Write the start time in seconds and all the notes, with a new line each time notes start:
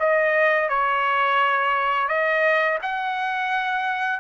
0.00 D#5
0.69 C#5
2.08 D#5
2.82 F#5